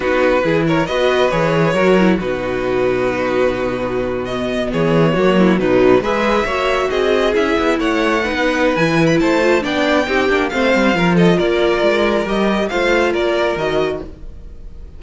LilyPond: <<
  \new Staff \with { instrumentName = "violin" } { \time 4/4 \tempo 4 = 137 b'4. cis''8 dis''4 cis''4~ | cis''4 b'2.~ | b'4.~ b'16 dis''4 cis''4~ cis''16~ | cis''8. b'4 e''2 dis''16~ |
dis''8. e''4 fis''2~ fis''16 | gis''8. b''16 a''4 g''2 | f''4. dis''8 d''2 | dis''4 f''4 d''4 dis''4 | }
  \new Staff \with { instrumentName = "violin" } { \time 4/4 fis'4 gis'8 ais'8 b'2 | ais'4 fis'2.~ | fis'2~ fis'8. gis'4 fis'16~ | fis'16 e'8 dis'4 b'4 cis''4 gis'16~ |
gis'4.~ gis'16 cis''4 b'4~ b'16~ | b'4 c''4 d''4 g'4 | c''4 ais'8 a'8 ais'2~ | ais'4 c''4 ais'2 | }
  \new Staff \with { instrumentName = "viola" } { \time 4/4 dis'4 e'4 fis'4 gis'4 | fis'8 e'8 dis'2.~ | dis'4.~ dis'16 b2 ais16~ | ais8. fis4 gis'4 fis'4~ fis'16~ |
fis'8. e'2 dis'4~ dis'16 | e'4. f'8 d'4 dis'8 d'8 | c'4 f'2. | g'4 f'2 fis'4 | }
  \new Staff \with { instrumentName = "cello" } { \time 4/4 b4 e4 b4 e4 | fis4 b,2.~ | b,2~ b,8. e4 fis16~ | fis8. b,4 gis4 ais4 c'16~ |
c'8. cis'8 b8 a4~ a16 b4 | e4 a4 b4 c'8 ais8 | a8 g8 f4 ais4 gis4 | g4 a4 ais4 dis4 | }
>>